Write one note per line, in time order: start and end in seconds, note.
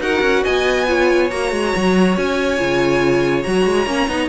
0.00 0.21 D#4
0.00 0.87 F#4
0.00 0.44 A#4
0.00 0.45 F#5
0.22 0.43 C#4
0.44 1.31 B3
0.44 0.87 D#5
0.44 1.31 G#5
0.88 1.31 F4
0.88 4.29 C#5
1.31 1.52 A#3
1.31 2.59 F#4
1.31 2.17 A#5
1.52 1.74 G#3
1.76 2.17 F#3
2.17 2.60 C#4
2.17 3.43 G#5
2.59 3.46 C#3
2.59 3.44 F4
3.43 3.66 F#3
3.43 3.87 F#4
3.43 4.29 A#5
3.66 3.86 G#3
3.86 4.08 A#3
3.86 4.08 C#4
4.08 4.29 B3
4.08 4.29 D#4